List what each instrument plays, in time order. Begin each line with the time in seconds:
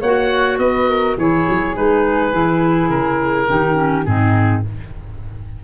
0.00 tuba A#3, clarinet F#4, flute C#5, oboe F#5
0.58 tuba B3, flute B4, oboe D#5
0.88 flute A#4
1.17 tuba E3, clarinet E4, flute G#4, oboe C#5
1.49 tuba F#3
1.74 tuba G#3, clarinet D#4, oboe B4
2.32 tuba E3, clarinet E4
2.89 tuba C#3, oboe A#4
3.48 tuba D#3, clarinet D#4, flute G4
3.74 clarinet C#4
4.05 tuba G#2, clarinet C4, flute D#4, oboe G#4